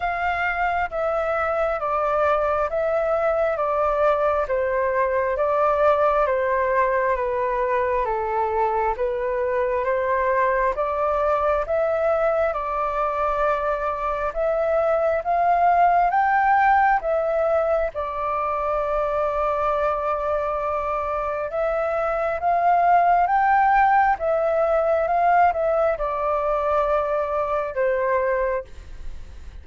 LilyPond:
\new Staff \with { instrumentName = "flute" } { \time 4/4 \tempo 4 = 67 f''4 e''4 d''4 e''4 | d''4 c''4 d''4 c''4 | b'4 a'4 b'4 c''4 | d''4 e''4 d''2 |
e''4 f''4 g''4 e''4 | d''1 | e''4 f''4 g''4 e''4 | f''8 e''8 d''2 c''4 | }